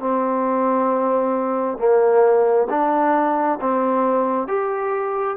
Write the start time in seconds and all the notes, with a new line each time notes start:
0.00 C4
1.78 A#3
2.70 D4
3.61 C4
4.48 G4